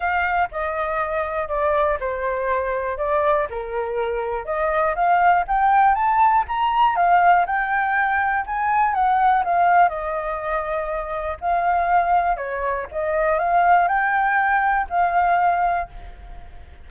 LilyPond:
\new Staff \with { instrumentName = "flute" } { \time 4/4 \tempo 4 = 121 f''4 dis''2 d''4 | c''2 d''4 ais'4~ | ais'4 dis''4 f''4 g''4 | a''4 ais''4 f''4 g''4~ |
g''4 gis''4 fis''4 f''4 | dis''2. f''4~ | f''4 cis''4 dis''4 f''4 | g''2 f''2 | }